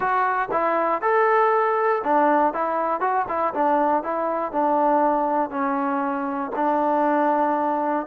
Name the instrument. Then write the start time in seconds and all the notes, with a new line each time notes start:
trombone
0.00 F#4
0.51 E4
1.01 A4
2.04 D4
2.53 E4
3.00 F#4
3.28 E4
3.53 D4
4.03 E4
4.51 D4
5.50 C#4
6.55 D4